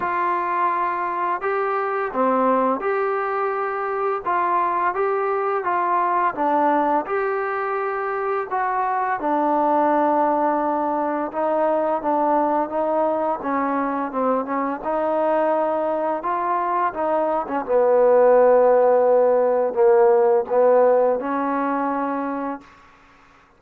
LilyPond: \new Staff \with { instrumentName = "trombone" } { \time 4/4 \tempo 4 = 85 f'2 g'4 c'4 | g'2 f'4 g'4 | f'4 d'4 g'2 | fis'4 d'2. |
dis'4 d'4 dis'4 cis'4 | c'8 cis'8 dis'2 f'4 | dis'8. cis'16 b2. | ais4 b4 cis'2 | }